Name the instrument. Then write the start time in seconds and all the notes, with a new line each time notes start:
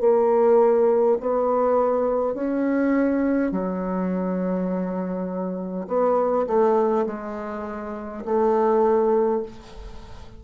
bassoon
0.00 A#3
1.20 B3
2.34 C#4
3.51 F#3
5.88 B3
6.47 A3
7.06 G#3
8.25 A3